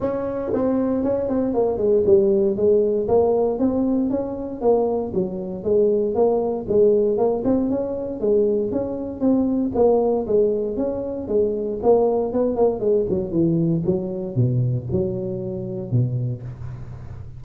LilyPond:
\new Staff \with { instrumentName = "tuba" } { \time 4/4 \tempo 4 = 117 cis'4 c'4 cis'8 c'8 ais8 gis8 | g4 gis4 ais4 c'4 | cis'4 ais4 fis4 gis4 | ais4 gis4 ais8 c'8 cis'4 |
gis4 cis'4 c'4 ais4 | gis4 cis'4 gis4 ais4 | b8 ais8 gis8 fis8 e4 fis4 | b,4 fis2 b,4 | }